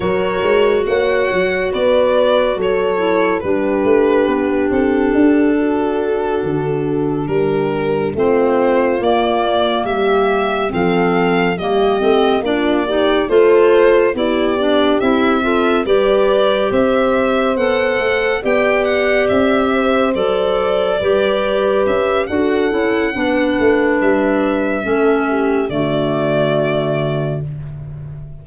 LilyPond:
<<
  \new Staff \with { instrumentName = "violin" } { \time 4/4 \tempo 4 = 70 cis''4 fis''4 d''4 cis''4 | b'4. a'2~ a'8~ | a'8 ais'4 c''4 d''4 e''8~ | e''8 f''4 dis''4 d''4 c''8~ |
c''8 d''4 e''4 d''4 e''8~ | e''8 fis''4 g''8 fis''8 e''4 d''8~ | d''4. e''8 fis''2 | e''2 d''2 | }
  \new Staff \with { instrumentName = "horn" } { \time 4/4 ais'4 cis''4 b'4 a'4 | g'2~ g'8 fis'4.~ | fis'8 g'4 f'2 g'8~ | g'8 a'4 g'4 f'8 g'8 a'8~ |
a'8 g'4. a'8 b'4 c''8~ | c''4. d''4. c''4~ | c''8 b'4. a'4 b'4~ | b'4 a'8 g'8 fis'2 | }
  \new Staff \with { instrumentName = "clarinet" } { \time 4/4 fis'2.~ fis'8 e'8 | d'1~ | d'4. c'4 ais4.~ | ais8 c'4 ais8 c'8 d'8 dis'8 f'8~ |
f'8 e'8 d'8 e'8 f'8 g'4.~ | g'8 a'4 g'2 a'8~ | a'8 g'4. fis'8 e'8 d'4~ | d'4 cis'4 a2 | }
  \new Staff \with { instrumentName = "tuba" } { \time 4/4 fis8 gis8 ais8 fis8 b4 fis4 | g8 a8 b8 c'8 d'4. d8~ | d8 g4 a4 ais4 g8~ | g8 f4 g8 a8 ais4 a8~ |
a8 b4 c'4 g4 c'8~ | c'8 b8 a8 b4 c'4 fis8~ | fis8 g4 cis'8 d'8 cis'8 b8 a8 | g4 a4 d2 | }
>>